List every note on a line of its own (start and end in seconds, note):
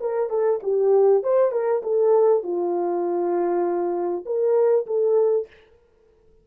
0.00 0.29 A#4
0.29 0.60 A4
0.63 1.23 G4
1.23 1.52 C5
1.52 1.82 A#4
1.83 2.43 A4
2.43 4.25 F4
4.25 4.86 A#4
4.87 5.47 A4